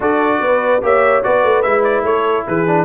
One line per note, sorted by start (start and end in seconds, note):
0.00 0.40 D4
0.00 0.81 F#4
0.00 0.41 A4
0.00 0.84 D5
0.40 0.81 B3
0.40 0.84 B4
0.82 1.23 A#3
0.82 1.23 G4
0.82 1.24 C#5
0.82 1.23 E5
1.23 1.43 B3
1.23 1.64 F#4
1.23 2.07 B4
1.23 1.62 D5
1.43 1.64 A3
1.62 2.03 G#3
1.62 2.66 E4
1.62 1.83 E5
1.83 2.04 D5
2.03 2.44 A3
2.03 2.47 A4
2.03 2.46 C#5
2.47 2.85 E3
2.47 2.85 G#4
2.47 2.85 B4
2.66 2.85 D4